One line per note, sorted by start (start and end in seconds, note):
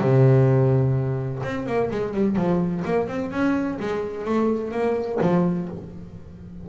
0.00 1.42 C3
1.43 1.66 C4
1.66 1.89 A#3
1.90 2.13 G#3
2.13 2.35 G3
2.35 2.83 F3
2.84 3.07 A#3
3.07 3.31 C4
3.31 3.78 C#4
3.79 4.25 G#3
4.25 4.71 A3
4.71 5.18 A#3
5.21 5.68 F3